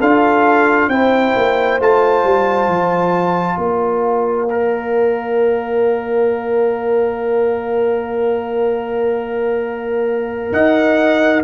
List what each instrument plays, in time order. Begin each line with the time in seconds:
0.00 tuba D4, trombone F4, horn A4, trumpet F5
0.88 tuba C4, trombone E4, horn C5, trumpet G5
1.36 tuba A#3
1.80 tuba A3, trombone F4, trumpet A5
2.24 tuba G3
2.68 tuba F3
3.57 tuba A#3, horn D5, trumpet F5
4.50 trombone A#4
10.52 tuba D#4, horn D#5, trumpet F#5